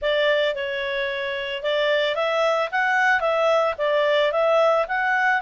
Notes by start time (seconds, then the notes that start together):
0.01 D5
0.55 C#5
1.62 D5
2.15 E5
2.71 F#5
3.20 E5
3.78 D5
4.31 E5
4.88 F#5